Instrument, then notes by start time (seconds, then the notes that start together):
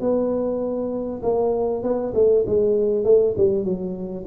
tuba
0.00 B3
1.22 A#3
1.83 B3
2.14 A3
2.46 G#3
3.04 A3
3.37 G3
3.64 F#3